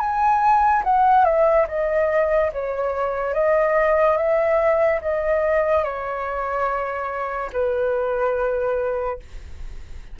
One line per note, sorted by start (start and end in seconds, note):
0.00 0.83 G#5
0.84 1.25 F#5
1.25 1.67 E5
1.69 2.52 D#5
2.53 3.34 C#5
3.34 4.17 D#5
4.17 5.01 E5
5.02 5.84 D#5
5.84 7.51 C#5
7.53 9.20 B4